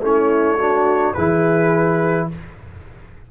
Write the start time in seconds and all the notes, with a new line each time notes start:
0.00 A3 C#4 E4 C#5
0.58 D4 F#4
1.13 E3 E4 G#4 B4